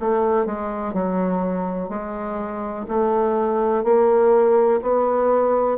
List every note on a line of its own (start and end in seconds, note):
0.00 0.46 A3
0.46 0.94 G#3
0.94 1.89 F#3
1.89 2.86 G#3
2.89 3.84 A3
3.84 4.81 A#3
4.82 5.78 B3